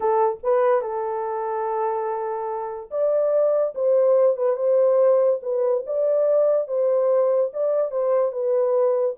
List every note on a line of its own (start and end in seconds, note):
0.00 0.38 A4
0.43 0.81 B4
0.81 2.90 A4
2.91 3.74 D5
3.74 4.37 C5
4.37 4.56 B4
4.56 5.40 C5
5.42 5.84 B4
5.86 6.67 D5
6.67 7.51 C5
7.53 7.91 D5
7.91 8.32 C5
8.32 9.15 B4